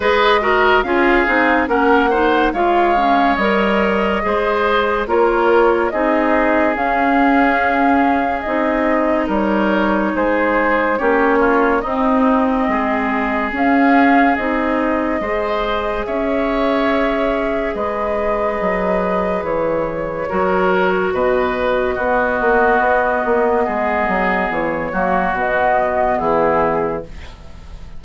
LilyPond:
<<
  \new Staff \with { instrumentName = "flute" } { \time 4/4 \tempo 4 = 71 dis''4 f''4 fis''4 f''4 | dis''2 cis''4 dis''4 | f''2 dis''4 cis''4 | c''4 cis''4 dis''2 |
f''4 dis''2 e''4~ | e''4 dis''2 cis''4~ | cis''4 dis''2.~ | dis''4 cis''4 dis''4 gis'4 | }
  \new Staff \with { instrumentName = "oboe" } { \time 4/4 b'8 ais'8 gis'4 ais'8 c''8 cis''4~ | cis''4 c''4 ais'4 gis'4~ | gis'2. ais'4 | gis'4 g'8 f'8 dis'4 gis'4~ |
gis'2 c''4 cis''4~ | cis''4 b'2. | ais'4 b'4 fis'2 | gis'4. fis'4. e'4 | }
  \new Staff \with { instrumentName = "clarinet" } { \time 4/4 gis'8 fis'8 f'8 dis'8 cis'8 dis'8 f'8 cis'8 | ais'4 gis'4 f'4 dis'4 | cis'2 dis'2~ | dis'4 cis'4 c'2 |
cis'4 dis'4 gis'2~ | gis'1 | fis'2 b2~ | b4. ais8 b2 | }
  \new Staff \with { instrumentName = "bassoon" } { \time 4/4 gis4 cis'8 c'8 ais4 gis4 | g4 gis4 ais4 c'4 | cis'2 c'4 g4 | gis4 ais4 c'4 gis4 |
cis'4 c'4 gis4 cis'4~ | cis'4 gis4 fis4 e4 | fis4 b,4 b8 ais8 b8 ais8 | gis8 fis8 e8 fis8 b,4 e4 | }
>>